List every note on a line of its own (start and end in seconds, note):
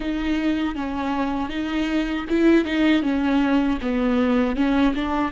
0.00 0.75 D#4
0.75 1.49 C#4
1.49 2.25 D#4
2.29 2.64 E4
2.64 3.02 D#4
3.02 3.78 C#4
3.81 4.56 B3
4.56 4.94 C#4
4.94 5.32 D4